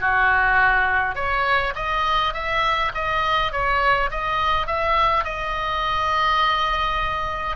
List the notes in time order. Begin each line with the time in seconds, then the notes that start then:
0.00 F#4
1.15 C#5
1.75 D#5
2.33 E5
2.94 D#5
3.51 C#5
4.10 D#5
4.66 E5
5.24 D#5